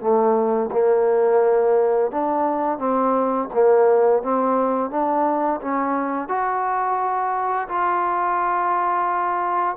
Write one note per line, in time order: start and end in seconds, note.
0.00 0.70 A3
0.72 2.11 A#3
2.11 2.78 D4
2.78 3.48 C4
3.54 4.22 A#3
4.22 4.90 C4
4.90 5.60 D4
5.61 6.28 C#4
6.28 7.68 F#4
7.68 9.76 F4